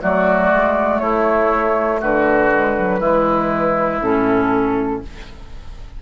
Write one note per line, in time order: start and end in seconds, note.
0.00 0.52 F#3
0.00 2.50 A3
0.00 1.01 F#4
0.00 0.99 D5
0.52 1.00 G#3
0.99 2.00 A3
0.99 2.00 E4
0.99 1.99 C#5
2.00 2.99 D3
2.00 3.00 F#4
2.00 4.02 B4
2.52 2.77 G#3
2.77 3.00 F#3
2.99 3.99 E3
2.99 4.00 G#3
2.99 5.00 E4
4.01 5.01 A2
4.01 5.02 C#4
4.01 5.02 A4